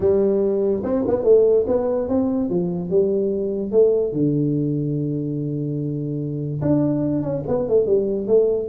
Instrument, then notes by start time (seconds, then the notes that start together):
tuba
0.00 G3
0.83 C4
1.07 B3
1.24 A3
1.67 B3
2.08 C4
2.49 F3
2.90 G3
3.71 A3
4.12 D3
6.61 D4
7.22 C#4
7.47 B3
7.68 A3
7.86 G3
8.27 A3